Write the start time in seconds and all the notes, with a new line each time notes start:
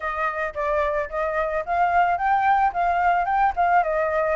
0.00 D#5
0.54 D5
1.09 D#5
1.65 F5
2.17 G5
2.73 F5
3.25 G5
3.56 F5
3.83 D#5